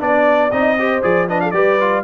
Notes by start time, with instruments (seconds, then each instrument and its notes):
0.00 tuba B3, trombone D4, horn D5, trumpet D5
0.51 tuba C4, trombone D#4, trumpet D#5
0.79 trombone G4, horn C5
1.03 tuba F3, trombone G#4, trumpet D5
1.29 trombone D4, horn B4, trumpet D#5
1.41 horn A4, trumpet F5
1.51 tuba G3, trombone G4, horn B4, trumpet D5
1.80 trombone F4